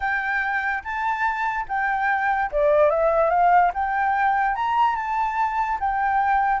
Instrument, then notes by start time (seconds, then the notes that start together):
flute
0.00 G5
0.83 A5
1.68 G5
2.51 D5
2.90 E5
3.30 F5
3.74 G5
4.55 A#5
4.95 A5
5.80 G5